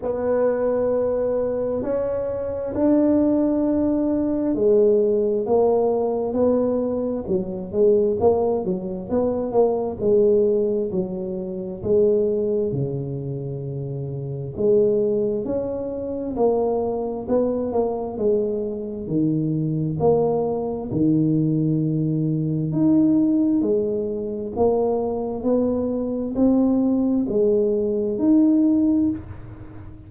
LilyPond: \new Staff \with { instrumentName = "tuba" } { \time 4/4 \tempo 4 = 66 b2 cis'4 d'4~ | d'4 gis4 ais4 b4 | fis8 gis8 ais8 fis8 b8 ais8 gis4 | fis4 gis4 cis2 |
gis4 cis'4 ais4 b8 ais8 | gis4 dis4 ais4 dis4~ | dis4 dis'4 gis4 ais4 | b4 c'4 gis4 dis'4 | }